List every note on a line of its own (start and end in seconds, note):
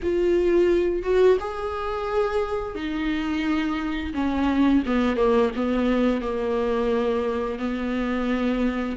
0.02 1.03 F4
1.03 1.37 F#4
1.40 2.75 G#4
2.75 4.13 D#4
4.14 4.83 C#4
4.86 5.16 B3
5.16 5.50 A#3
5.55 6.21 B3
6.21 7.58 A#3
7.58 8.96 B3